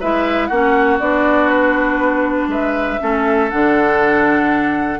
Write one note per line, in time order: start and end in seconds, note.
0.00 0.50 G#3
0.00 0.52 E4
0.00 0.48 B4
0.00 0.47 E5
0.47 1.00 A#3
0.47 1.00 C#4
0.47 2.48 F#4
0.47 0.97 F#5
1.00 2.48 B3
1.00 3.00 D4
1.00 1.49 D5
1.49 2.49 B4
2.48 2.98 G#3
2.48 3.00 B4
2.48 3.50 E5
3.00 3.52 A3
3.00 3.50 C#4
3.00 5.00 A4
3.50 5.00 D3
3.50 5.00 D4
3.50 5.00 F#5